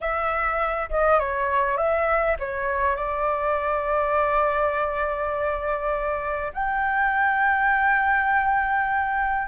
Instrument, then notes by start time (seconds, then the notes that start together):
flute
0.00 E5
0.90 D#5
1.19 C#5
1.77 E5
2.39 C#5
2.96 D5
6.53 G5